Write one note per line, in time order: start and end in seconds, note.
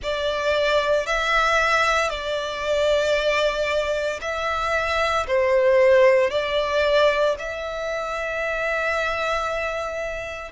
0.02 1.06 D5
1.06 2.09 E5
2.09 4.20 D5
4.21 5.26 E5
5.27 6.30 C5
6.30 7.35 D5
7.39 10.51 E5